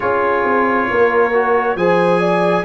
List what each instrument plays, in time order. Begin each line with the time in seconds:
0.00 tuba C#4, trombone F4, horn G#4, trumpet C#5
0.44 tuba C4
0.90 tuba A#3, horn A#4
1.33 trombone F#4
1.75 tuba F3, trombone G#4, horn C5, trumpet G#5
2.19 horn D5